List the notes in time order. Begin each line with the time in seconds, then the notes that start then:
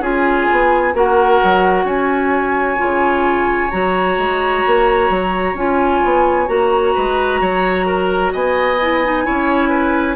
0.00 C#4 F4 G#4 G#5
0.51 B3
0.94 A#3 F#4 A#4 F#5
1.43 F#3
1.84 C#4 C#5 G#5
2.77 C#3 F4
3.71 F#3 F#4 A#5
4.18 G#3
4.67 A#3
5.10 F#3
5.54 C#4 F4 G#5
6.04 B3
6.47 A#3 F#4 A#5
6.94 G#3 B4
7.41 F#3 C#5
7.86 A#4
8.32 B3 D#5 G#5
8.82 E4
9.05 D#4
9.25 C#4 E4 C#5
9.69 B4